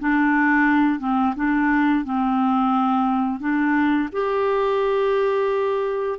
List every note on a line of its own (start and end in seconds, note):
0.00 1.00 D4
1.00 1.34 C4
1.36 2.05 D4
2.05 3.40 C4
3.40 4.09 D4
4.12 6.19 G4